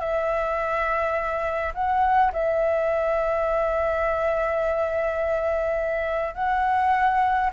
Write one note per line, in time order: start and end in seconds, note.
0.00 1.73 E5
1.74 2.32 F#5
2.33 6.35 E5
6.35 7.50 F#5